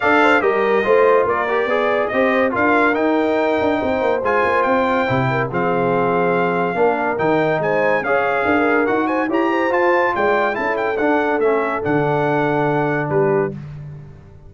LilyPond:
<<
  \new Staff \with { instrumentName = "trumpet" } { \time 4/4 \tempo 4 = 142 f''4 dis''2 d''4~ | d''4 dis''4 f''4 g''4~ | g''2 gis''4 g''4~ | g''4 f''2.~ |
f''4 g''4 gis''4 f''4~ | f''4 fis''8 gis''8 ais''4 a''4 | g''4 a''8 g''8 fis''4 e''4 | fis''2. b'4 | }
  \new Staff \with { instrumentName = "horn" } { \time 4/4 d''8 c''8 ais'4 c''4 ais'4 | d''4 c''4 ais'2~ | ais'4 c''2.~ | c''8 ais'8 gis'2. |
ais'2 c''4 cis''4 | ais'4. c''8 cis''8 c''4. | d''4 a'2.~ | a'2. g'4 | }
  \new Staff \with { instrumentName = "trombone" } { \time 4/4 a'4 g'4 f'4. g'8 | gis'4 g'4 f'4 dis'4~ | dis'2 f'2 | e'4 c'2. |
d'4 dis'2 gis'4~ | gis'4 fis'4 g'4 f'4~ | f'4 e'4 d'4 cis'4 | d'1 | }
  \new Staff \with { instrumentName = "tuba" } { \time 4/4 d'4 g4 a4 ais4 | b4 c'4 d'4 dis'4~ | dis'8 d'8 c'8 ais8 gis8 ais8 c'4 | c4 f2. |
ais4 dis4 gis4 cis'4 | d'4 dis'4 e'4 f'4 | gis4 cis'4 d'4 a4 | d2. g4 | }
>>